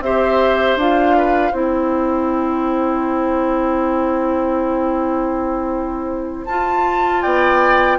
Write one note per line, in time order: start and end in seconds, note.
0.00 0.76 C4
0.00 0.79 G4
0.00 1.17 C5
0.00 0.78 E5
0.76 1.52 D4
0.76 1.53 F4
0.76 1.54 F5
1.17 1.52 B4
1.52 6.46 C4
1.52 6.46 E4
1.52 7.22 C5
1.52 6.46 G5
6.46 7.23 F4
6.46 7.98 F4
6.46 7.22 A5
7.22 7.98 B3
7.22 7.98 D5
7.22 7.98 G5